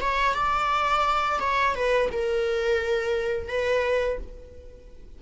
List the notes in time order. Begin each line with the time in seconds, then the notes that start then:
0.00 C#5
0.34 D5
1.40 C#5
1.75 B4
2.12 A#4
3.48 B4